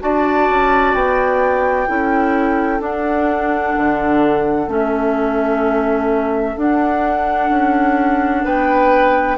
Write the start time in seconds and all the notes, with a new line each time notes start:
0.00 D4 F#4 D5 A5
0.49 C#4
0.94 B3 G5
1.87 C#4 E4 A4
2.79 D4 F#5
3.77 D3
4.67 A3 C#4 E5
6.57 D4 F#5
7.50 C#4
8.44 B3 B4 G5